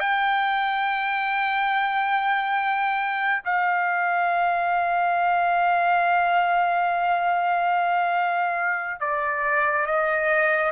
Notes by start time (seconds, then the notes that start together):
0.00 G5
3.45 F5
9.00 D5
9.86 D#5